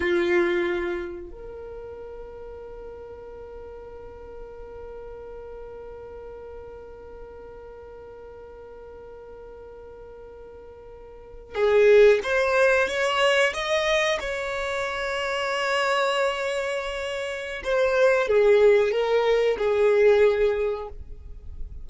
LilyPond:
\new Staff \with { instrumentName = "violin" } { \time 4/4 \tempo 4 = 92 f'2 ais'2~ | ais'1~ | ais'1~ | ais'1~ |
ais'4.~ ais'16 gis'4 c''4 cis''16~ | cis''8. dis''4 cis''2~ cis''16~ | cis''2. c''4 | gis'4 ais'4 gis'2 | }